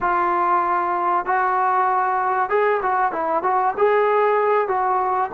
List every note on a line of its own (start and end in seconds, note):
0.00 1.25 F4
1.25 2.49 F#4
2.49 2.80 G#4
2.82 3.12 F#4
3.12 3.42 E4
3.42 3.74 F#4
3.77 4.67 G#4
4.67 5.30 F#4